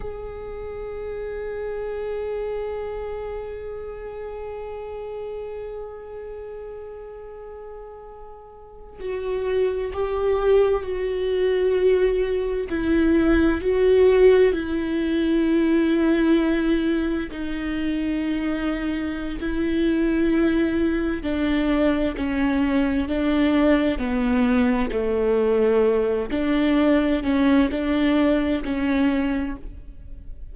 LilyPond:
\new Staff \with { instrumentName = "viola" } { \time 4/4 \tempo 4 = 65 gis'1~ | gis'1~ | gis'4.~ gis'16 fis'4 g'4 fis'16~ | fis'4.~ fis'16 e'4 fis'4 e'16~ |
e'2~ e'8. dis'4~ dis'16~ | dis'4 e'2 d'4 | cis'4 d'4 b4 a4~ | a8 d'4 cis'8 d'4 cis'4 | }